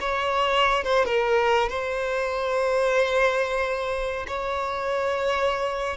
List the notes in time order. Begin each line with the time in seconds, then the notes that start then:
0.00 C#5
0.83 C5
1.05 A#4
1.69 C5
4.27 C#5